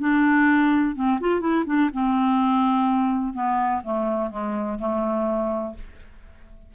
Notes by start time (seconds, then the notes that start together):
0.00 D4
0.96 C4
1.21 F4
1.41 E4
1.66 D4
1.93 C4
3.34 B3
3.84 A3
4.31 G#3
4.79 A3